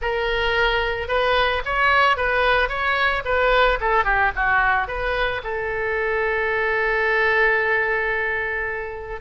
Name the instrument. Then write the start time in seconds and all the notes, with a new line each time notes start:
oboe
0.01 A#4
1.08 B4
1.65 C#5
2.16 B4
2.69 C#5
3.24 B4
3.80 A4
4.04 G4
4.35 F#4
4.87 B4
5.43 A4